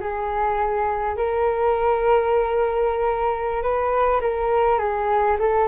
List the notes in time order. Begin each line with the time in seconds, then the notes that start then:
0.00 G#4
1.16 A#4
3.62 B4
4.21 A#4
4.78 G#4
5.39 A4